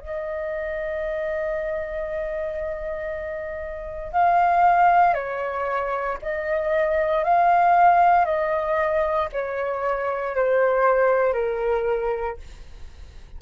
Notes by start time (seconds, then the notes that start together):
0.00 D#5
4.13 F5
5.14 C#5
6.22 D#5
7.24 F5
8.25 D#5
9.32 C#5
10.36 C5
11.33 A#4